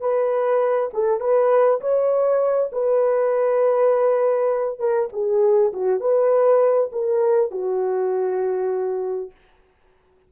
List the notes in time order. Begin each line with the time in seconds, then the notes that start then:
0.00 B4
0.94 A4
1.20 B4
1.81 C#5
2.72 B4
4.79 A#4
5.12 G#4
5.73 F#4
6.00 B4
6.92 A#4
7.51 F#4